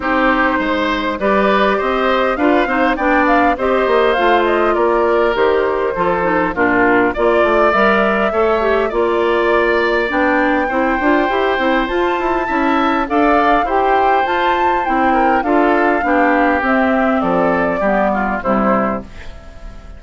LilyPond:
<<
  \new Staff \with { instrumentName = "flute" } { \time 4/4 \tempo 4 = 101 c''2 d''4 dis''4 | f''4 g''8 f''8 dis''4 f''8 dis''8 | d''4 c''2 ais'4 | d''4 e''2 d''4~ |
d''4 g''2. | a''2 f''4 g''4 | a''4 g''4 f''2 | e''4 d''2 c''4 | }
  \new Staff \with { instrumentName = "oboe" } { \time 4/4 g'4 c''4 b'4 c''4 | b'8 c''8 d''4 c''2 | ais'2 a'4 f'4 | d''2 cis''4 d''4~ |
d''2 c''2~ | c''4 e''4 d''4 c''4~ | c''4. ais'8 a'4 g'4~ | g'4 a'4 g'8 f'8 e'4 | }
  \new Staff \with { instrumentName = "clarinet" } { \time 4/4 dis'2 g'2 | f'8 dis'8 d'4 g'4 f'4~ | f'4 g'4 f'8 dis'8 d'4 | f'4 ais'4 a'8 g'8 f'4~ |
f'4 d'4 e'8 f'8 g'8 e'8 | f'4 e'4 a'4 g'4 | f'4 e'4 f'4 d'4 | c'2 b4 g4 | }
  \new Staff \with { instrumentName = "bassoon" } { \time 4/4 c'4 gis4 g4 c'4 | d'8 c'8 b4 c'8 ais8 a4 | ais4 dis4 f4 ais,4 | ais8 a8 g4 a4 ais4~ |
ais4 b4 c'8 d'8 e'8 c'8 | f'8 e'8 cis'4 d'4 e'4 | f'4 c'4 d'4 b4 | c'4 f4 g4 c4 | }
>>